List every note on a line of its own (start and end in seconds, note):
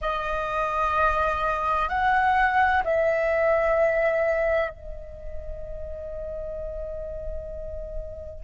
0.01 1.88 D#5
1.88 2.82 F#5
2.84 4.70 E5
4.70 8.43 D#5